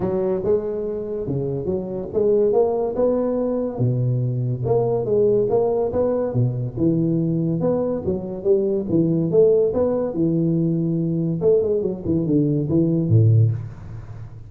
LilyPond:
\new Staff \with { instrumentName = "tuba" } { \time 4/4 \tempo 4 = 142 fis4 gis2 cis4 | fis4 gis4 ais4 b4~ | b4 b,2 ais4 | gis4 ais4 b4 b,4 |
e2 b4 fis4 | g4 e4 a4 b4 | e2. a8 gis8 | fis8 e8 d4 e4 a,4 | }